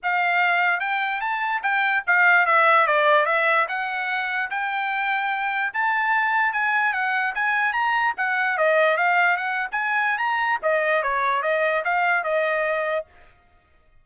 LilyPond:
\new Staff \with { instrumentName = "trumpet" } { \time 4/4 \tempo 4 = 147 f''2 g''4 a''4 | g''4 f''4 e''4 d''4 | e''4 fis''2 g''4~ | g''2 a''2 |
gis''4 fis''4 gis''4 ais''4 | fis''4 dis''4 f''4 fis''8. gis''16~ | gis''4 ais''4 dis''4 cis''4 | dis''4 f''4 dis''2 | }